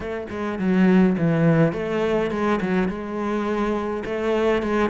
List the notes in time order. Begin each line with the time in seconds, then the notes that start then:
0.00 A3
0.30 G#3
0.58 F#3
1.18 E3
1.73 A3
2.31 G#3
2.61 F#3
2.88 G#3
4.05 A3
4.62 G#3